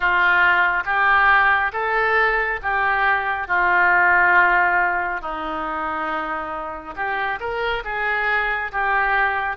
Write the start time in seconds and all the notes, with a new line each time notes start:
0.00 F4
0.85 G4
1.72 A4
2.62 G4
3.47 F4
5.21 D#4
6.96 G4
7.40 A#4
7.84 G#4
8.72 G4